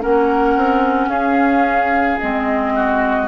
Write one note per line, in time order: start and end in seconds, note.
0.00 0.56 A#3
0.00 2.18 C#4
0.00 1.09 A#4
0.00 1.09 F#5
0.56 1.08 C4
1.08 2.17 C#4
1.08 2.73 G#4
1.08 2.18 F5
2.19 3.28 G#3
2.19 3.28 C4
2.19 3.28 D#5
2.75 3.28 F#4